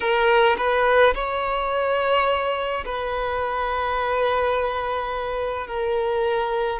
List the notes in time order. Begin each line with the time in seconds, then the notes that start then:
0.00 A#4
0.57 B4
1.14 C#5
2.85 B4
5.67 A#4